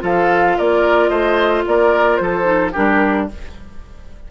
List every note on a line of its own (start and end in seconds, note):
0.00 0.57 F3
0.00 2.43 F4
0.00 0.57 A4
0.00 0.58 F5
0.58 1.10 A#3
0.58 1.10 A#4
0.58 1.08 D5
1.08 1.64 A3
1.08 1.64 C5
1.08 1.62 D#5
1.67 2.20 A#3
1.67 2.22 A#4
1.67 2.17 D5
2.17 2.74 F3
2.17 2.72 A4
2.17 2.71 C5
2.44 2.71 D#4
2.72 3.31 G3
2.72 3.29 D4
2.72 3.26 G4
2.72 3.29 A#4